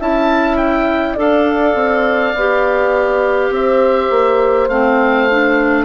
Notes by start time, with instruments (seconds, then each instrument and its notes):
0.00 bassoon C#4, clarinet E4, horn E5, oboe A5
0.57 oboe G5
1.14 bassoon D4, clarinet A4, horn D5, oboe F5
1.75 bassoon C4
2.35 bassoon B3, clarinet G4
3.50 bassoon C4, horn C5, oboe E5
4.10 bassoon A#3
4.69 bassoon A3, clarinet C4, oboe F5
5.30 clarinet D4